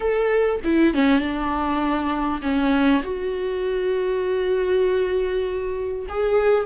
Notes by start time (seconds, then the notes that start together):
0.00 A4
0.64 E4
0.94 C#4
1.19 D4
2.41 C#4
3.03 F#4
6.08 G#4